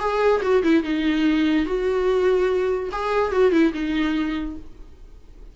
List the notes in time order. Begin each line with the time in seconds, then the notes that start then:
0.00 G#4
0.42 F#4
0.63 E4
0.84 D#4
1.66 F#4
2.92 G#4
3.32 F#4
3.52 E4
3.73 D#4